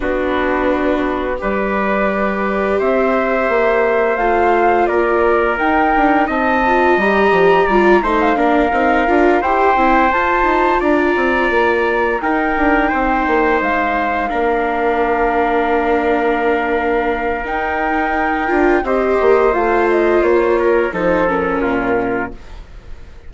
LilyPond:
<<
  \new Staff \with { instrumentName = "flute" } { \time 4/4 \tempo 4 = 86 b'2 d''2 | e''2 f''4 d''4 | g''4 a''4 ais''4. c'''16 f''16~ | f''4. g''4 a''4 ais''8~ |
ais''4. g''2 f''8~ | f''1~ | f''4 g''2 dis''4 | f''8 dis''8 cis''4 c''8 ais'4. | }
  \new Staff \with { instrumentName = "trumpet" } { \time 4/4 fis'2 b'2 | c''2. ais'4~ | ais'4 dis''2 d''8 c''8 | ais'4. c''2 d''8~ |
d''4. ais'4 c''4.~ | c''8 ais'2.~ ais'8~ | ais'2. c''4~ | c''4. ais'8 a'4 f'4 | }
  \new Staff \with { instrumentName = "viola" } { \time 4/4 d'2 g'2~ | g'2 f'2 | dis'4. f'8 g'4 f'8 dis'8 | d'8 dis'8 f'8 g'8 e'8 f'4.~ |
f'4. dis'2~ dis'8~ | dis'8 d'2.~ d'8~ | d'4 dis'4. f'8 g'4 | f'2 dis'8 cis'4. | }
  \new Staff \with { instrumentName = "bassoon" } { \time 4/4 b2 g2 | c'4 ais4 a4 ais4 | dis'8 d'8 c'4 g8 f8 g8 a8 | ais8 c'8 d'8 e'8 c'8 f'8 dis'8 d'8 |
c'8 ais4 dis'8 d'8 c'8 ais8 gis8~ | gis8 ais2.~ ais8~ | ais4 dis'4. d'8 c'8 ais8 | a4 ais4 f4 ais,4 | }
>>